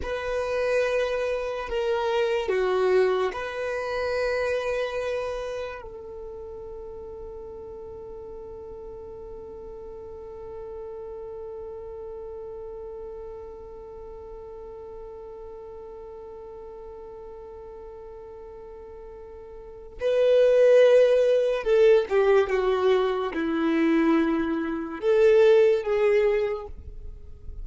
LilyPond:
\new Staff \with { instrumentName = "violin" } { \time 4/4 \tempo 4 = 72 b'2 ais'4 fis'4 | b'2. a'4~ | a'1~ | a'1~ |
a'1~ | a'1 | b'2 a'8 g'8 fis'4 | e'2 a'4 gis'4 | }